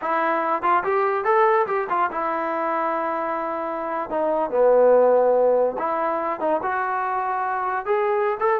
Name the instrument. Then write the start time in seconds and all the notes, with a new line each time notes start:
trombone
0.01 E4
0.62 F4
0.83 G4
1.24 A4
1.66 G4
1.89 F4
2.11 E4
4.10 D#4
4.50 B3
5.78 E4
6.40 D#4
6.62 F#4
7.85 G#4
8.39 A4